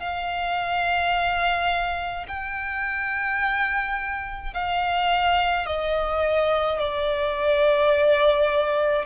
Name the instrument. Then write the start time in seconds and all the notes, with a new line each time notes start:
violin
0.00 F5
2.27 G5
4.54 F5
5.66 D#5
6.79 D5